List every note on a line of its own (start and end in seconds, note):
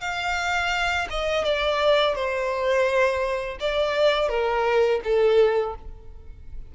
0.00 1.07 F5
1.09 1.44 D#5
1.44 2.15 D5
2.15 3.57 C5
3.59 4.29 D5
4.29 5.00 A#4
5.04 5.75 A4